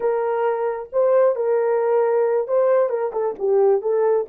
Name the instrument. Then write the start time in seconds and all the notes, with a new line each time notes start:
horn
0.00 A#4
0.92 C5
1.35 A#4
2.47 C5
2.89 A#4
3.12 A4
3.38 G4
3.81 A4